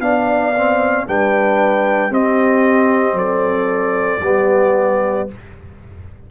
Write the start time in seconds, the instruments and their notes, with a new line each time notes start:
0.00 tuba B3, trombone D4, horn D5, trumpet F5
0.57 trombone C4
1.07 tuba G3, trombone D4, horn B4, trumpet G5
2.10 tuba C4, trombone C4, horn G4, trumpet D#5
3.13 tuba F#3, horn A4, trumpet D5
4.20 tuba G3, trombone B3, horn G4